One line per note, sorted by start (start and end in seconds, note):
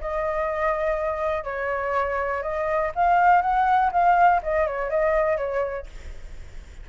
0.00 1.44 D#5
1.44 2.42 C#5
2.42 2.91 D#5
2.95 3.42 F5
3.42 3.91 F#5
3.92 4.41 F5
4.43 4.67 D#5
4.67 4.90 C#5
4.90 5.37 D#5
5.37 5.86 C#5